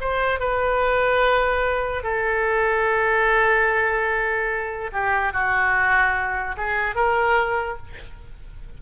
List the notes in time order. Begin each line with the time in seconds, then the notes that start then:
0.00 C5
0.39 B4
2.03 A4
4.92 G4
5.32 F#4
6.56 G#4
6.95 A#4